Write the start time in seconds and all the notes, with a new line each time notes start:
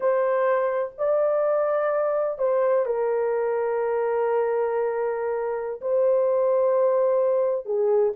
0.00 C5
0.97 D5
2.38 C5
2.85 A#4
5.81 C5
7.65 G#4